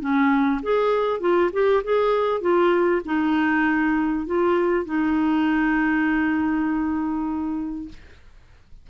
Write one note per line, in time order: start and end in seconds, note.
0.00 0.61 C#4
0.62 1.20 G#4
1.20 1.50 F4
1.52 1.83 G4
1.83 2.41 G#4
2.41 3.01 F4
3.05 4.26 D#4
4.26 4.85 F4
4.85 7.88 D#4